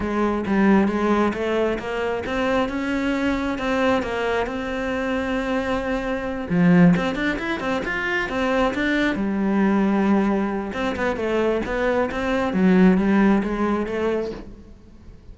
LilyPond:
\new Staff \with { instrumentName = "cello" } { \time 4/4 \tempo 4 = 134 gis4 g4 gis4 a4 | ais4 c'4 cis'2 | c'4 ais4 c'2~ | c'2~ c'8 f4 c'8 |
d'8 e'8 c'8 f'4 c'4 d'8~ | d'8 g2.~ g8 | c'8 b8 a4 b4 c'4 | fis4 g4 gis4 a4 | }